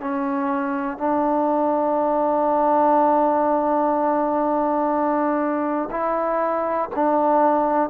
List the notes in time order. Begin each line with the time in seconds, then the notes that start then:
0.00 C#4
0.97 D4
5.91 E4
6.95 D4